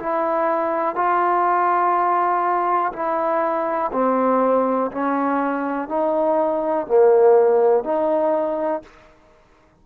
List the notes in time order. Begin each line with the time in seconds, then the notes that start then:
0.00 E4
0.96 F4
2.93 E4
3.93 C4
4.92 C#4
5.89 D#4
6.87 A#3
7.84 D#4